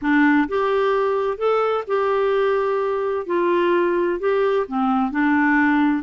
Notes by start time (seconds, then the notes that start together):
0.01 D4
0.48 G4
1.37 A4
1.87 G4
3.26 F4
4.19 G4
4.67 C4
5.11 D4